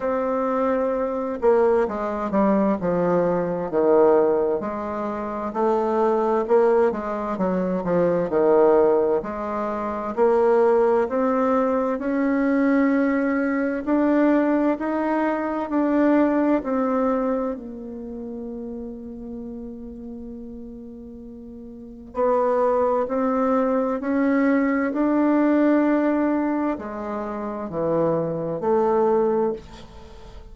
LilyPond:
\new Staff \with { instrumentName = "bassoon" } { \time 4/4 \tempo 4 = 65 c'4. ais8 gis8 g8 f4 | dis4 gis4 a4 ais8 gis8 | fis8 f8 dis4 gis4 ais4 | c'4 cis'2 d'4 |
dis'4 d'4 c'4 ais4~ | ais1 | b4 c'4 cis'4 d'4~ | d'4 gis4 e4 a4 | }